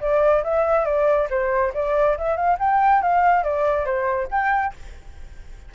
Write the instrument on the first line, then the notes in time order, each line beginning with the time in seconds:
flute
0.00 D5
0.43 E5
0.85 D5
1.30 C5
1.74 D5
2.17 E5
2.36 F5
2.59 G5
3.02 F5
3.43 D5
3.85 C5
4.30 G5